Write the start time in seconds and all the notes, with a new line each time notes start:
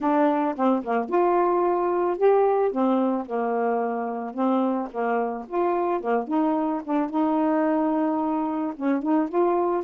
0.00 D4
0.56 C4
0.83 A#3
1.09 F4
2.17 G4
2.71 C4
3.26 A#3
4.34 C4
4.91 A#3
5.48 F4
6.00 A#3
6.27 D#4
6.84 D4
7.10 D#4
8.76 C#4
9.02 D#4
9.29 F4